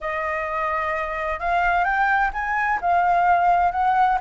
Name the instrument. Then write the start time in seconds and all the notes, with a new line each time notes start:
flute
0.00 D#5
1.39 F5
1.84 G5
2.33 G#5
2.81 F5
3.71 F#5